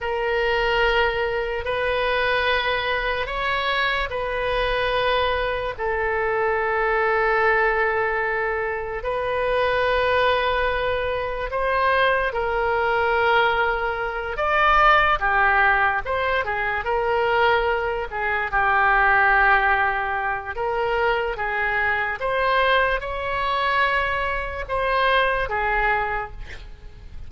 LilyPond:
\new Staff \with { instrumentName = "oboe" } { \time 4/4 \tempo 4 = 73 ais'2 b'2 | cis''4 b'2 a'4~ | a'2. b'4~ | b'2 c''4 ais'4~ |
ais'4. d''4 g'4 c''8 | gis'8 ais'4. gis'8 g'4.~ | g'4 ais'4 gis'4 c''4 | cis''2 c''4 gis'4 | }